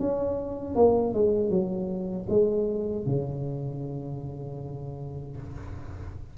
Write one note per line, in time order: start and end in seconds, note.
0.00 0.76 C#4
0.76 1.14 A#3
1.14 1.50 G#3
1.50 2.27 F#3
2.30 3.06 G#3
3.06 5.37 C#3